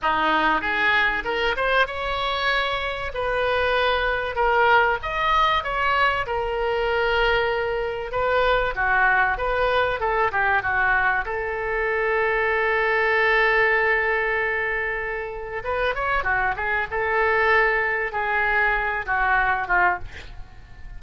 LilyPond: \new Staff \with { instrumentName = "oboe" } { \time 4/4 \tempo 4 = 96 dis'4 gis'4 ais'8 c''8 cis''4~ | cis''4 b'2 ais'4 | dis''4 cis''4 ais'2~ | ais'4 b'4 fis'4 b'4 |
a'8 g'8 fis'4 a'2~ | a'1~ | a'4 b'8 cis''8 fis'8 gis'8 a'4~ | a'4 gis'4. fis'4 f'8 | }